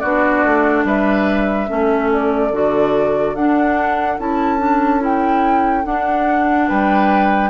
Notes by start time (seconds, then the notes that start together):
0.00 B3 D4 F#4 D5
0.44 A3
0.84 G3 B4 E5
1.68 A3 C#4 A4
2.13 D5
2.52 D3 F#4
3.35 D4 F#5
4.19 C#4 E4 A5
4.59 D4
5.00 E4 G5
5.84 D4 F#5
6.68 G3 B4 G5